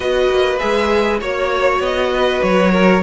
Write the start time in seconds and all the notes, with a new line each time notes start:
0.00 B3 F#4 B4 D#5
0.30 A#3
0.58 G#3 G#4 E5
1.20 A#3 F#4 C#5
1.80 B3 D#5
2.14 B4
2.42 F#3 C#5
2.72 A#4